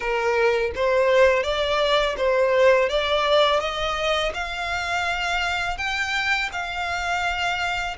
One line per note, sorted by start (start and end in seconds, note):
0.00 0.71 A#4
0.75 1.43 C5
1.43 2.15 D5
2.17 2.89 C5
2.89 3.59 D5
3.59 4.32 D#5
4.34 5.77 F5
5.77 6.49 G5
6.52 7.96 F5